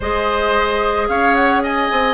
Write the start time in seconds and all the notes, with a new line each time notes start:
0.00 G#3 G#4 C5 D#5
1.08 C#4 C#5 F5
1.34 F#5
1.62 D#5 G#5
1.91 C4